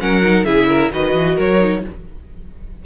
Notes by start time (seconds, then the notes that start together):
0.00 F#3 C#4 A#4 F#5
0.23 D#4
0.45 C#3 E4 G#4 E5
0.69 A#4
0.93 D#3 F#4 B4 D#5
1.14 E3
1.35 F#3 A#4 C#5
1.60 D#4